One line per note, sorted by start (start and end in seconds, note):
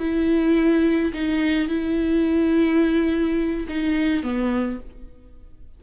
0.00 1.13 E4
1.14 1.69 D#4
1.69 3.67 E4
3.69 4.23 D#4
4.23 4.80 B3